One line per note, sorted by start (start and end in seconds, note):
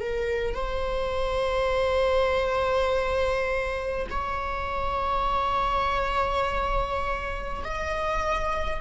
0.00 0.54 A#4
0.54 4.07 C5
4.10 7.63 C#5
7.64 8.81 D#5